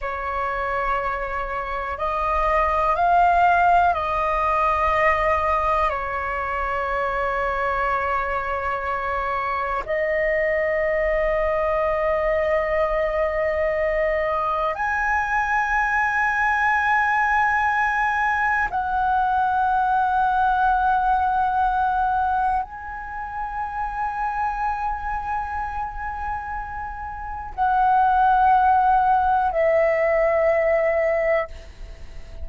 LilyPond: \new Staff \with { instrumentName = "flute" } { \time 4/4 \tempo 4 = 61 cis''2 dis''4 f''4 | dis''2 cis''2~ | cis''2 dis''2~ | dis''2. gis''4~ |
gis''2. fis''4~ | fis''2. gis''4~ | gis''1 | fis''2 e''2 | }